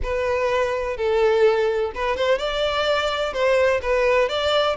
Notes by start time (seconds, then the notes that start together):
0.02 B4
0.96 A4
1.94 B4
2.16 C5
2.38 D5
3.33 C5
3.82 B4
4.28 D5